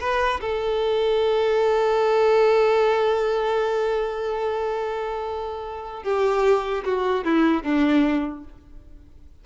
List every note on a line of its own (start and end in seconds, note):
0.00 0.40 B4
0.41 6.03 A4
6.03 6.84 G4
6.84 7.24 F#4
7.24 7.63 E4
7.63 8.44 D4